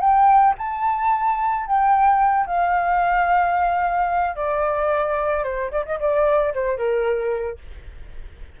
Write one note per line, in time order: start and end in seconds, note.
0.00 0.54 G5
0.58 1.66 A5
1.66 2.46 G5
2.46 4.35 F5
4.35 5.43 D5
5.43 5.70 C5
5.71 5.84 D5
5.85 5.99 D#5
5.99 6.53 D5
6.53 6.77 C5
6.77 7.58 A#4